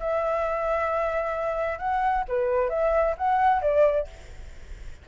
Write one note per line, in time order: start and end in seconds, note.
0.00 1.79 E5
1.79 2.24 F#5
2.28 2.70 B4
2.70 3.15 E5
3.18 3.62 F#5
3.62 4.08 D5